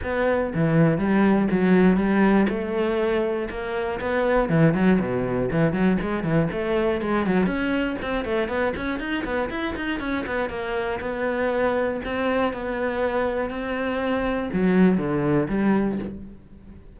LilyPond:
\new Staff \with { instrumentName = "cello" } { \time 4/4 \tempo 4 = 120 b4 e4 g4 fis4 | g4 a2 ais4 | b4 e8 fis8 b,4 e8 fis8 | gis8 e8 a4 gis8 fis8 cis'4 |
c'8 a8 b8 cis'8 dis'8 b8 e'8 dis'8 | cis'8 b8 ais4 b2 | c'4 b2 c'4~ | c'4 fis4 d4 g4 | }